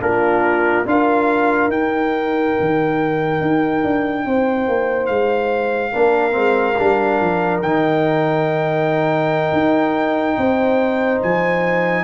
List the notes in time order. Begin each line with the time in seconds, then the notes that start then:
0.00 A#3 D4 F4 A#4
0.86 D4 F4 A#4 F5
1.68 D#4 G5
2.60 D#3
3.41 D#4
3.83 D4
4.25 C4 C5
4.68 A#3
5.06 G#3 F5
5.92 A#3 D4 A#4
6.31 G#3 C4
6.78 G3 D4
7.20 F3
7.62 D#3 D#4 G5
9.52 D#4
10.37 C4 C5
11.22 F3 G#5